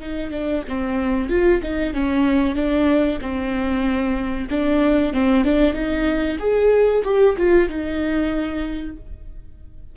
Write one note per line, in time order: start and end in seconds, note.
0.00 0.31 D#4
0.31 0.63 D4
0.68 1.30 C4
1.30 1.62 F4
1.63 1.94 D#4
1.94 2.55 C#4
2.55 3.19 D4
3.21 4.49 C4
4.50 5.13 D4
5.13 5.44 C4
5.44 5.73 D4
5.73 6.37 D#4
6.39 7.03 G#4
7.04 7.36 G4
7.38 7.69 F4
7.69 8.97 D#4